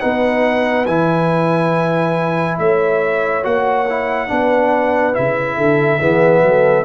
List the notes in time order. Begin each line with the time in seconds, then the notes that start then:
0.00 B3 D#4 B4 F#5
0.86 E3 E4 G#5
2.58 A3 C#5 E5
3.43 A#3 F#4 F#5
3.89 E4
4.28 B3 D4 B4
5.13 C#3 E4 E5
5.57 D3 A4
5.98 E3 B3 G#4
6.42 F#3 A4